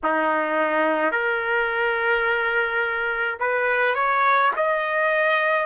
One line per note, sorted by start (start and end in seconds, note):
0.03 1.11 D#4
1.11 3.38 A#4
3.40 3.95 B4
3.95 4.51 C#5
4.56 5.66 D#5